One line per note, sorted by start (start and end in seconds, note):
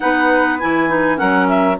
0.00 0.62 B3
0.00 0.59 D#4
0.00 1.18 B4
0.00 0.59 F#5
0.59 1.20 E3
0.59 0.88 E4
0.59 1.18 G#5
0.88 1.16 D#4
1.16 1.79 F#3
1.16 1.75 C#4
1.16 1.77 A#4
1.16 1.48 F#5
1.48 1.78 E5